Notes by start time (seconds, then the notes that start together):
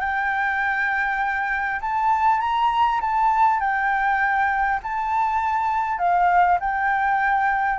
0.00 G5
1.81 A5
2.40 A#5
3.01 A5
3.60 G5
4.83 A5
5.98 F5
6.60 G5